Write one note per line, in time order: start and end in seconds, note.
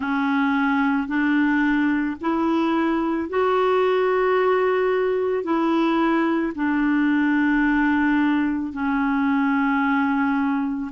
0.00 1.07 C#4
1.07 2.16 D4
2.21 3.29 E4
3.29 5.43 F#4
5.43 6.52 E4
6.55 8.73 D4
8.73 10.91 C#4